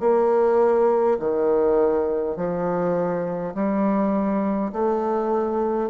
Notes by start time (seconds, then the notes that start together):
0.00 A#3
1.19 D#3
2.36 F3
3.54 G3
4.72 A3